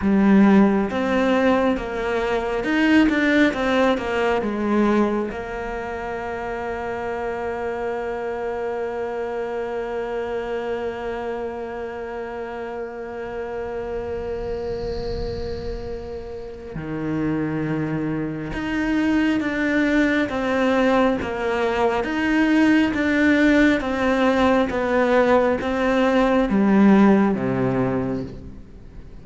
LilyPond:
\new Staff \with { instrumentName = "cello" } { \time 4/4 \tempo 4 = 68 g4 c'4 ais4 dis'8 d'8 | c'8 ais8 gis4 ais2~ | ais1~ | ais1~ |
ais2. dis4~ | dis4 dis'4 d'4 c'4 | ais4 dis'4 d'4 c'4 | b4 c'4 g4 c4 | }